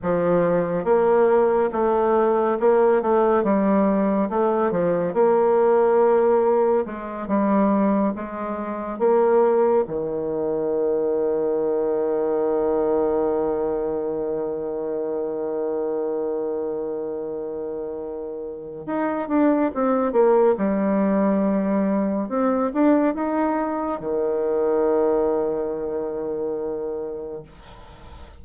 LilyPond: \new Staff \with { instrumentName = "bassoon" } { \time 4/4 \tempo 4 = 70 f4 ais4 a4 ais8 a8 | g4 a8 f8 ais2 | gis8 g4 gis4 ais4 dis8~ | dis1~ |
dis1~ | dis2 dis'8 d'8 c'8 ais8 | g2 c'8 d'8 dis'4 | dis1 | }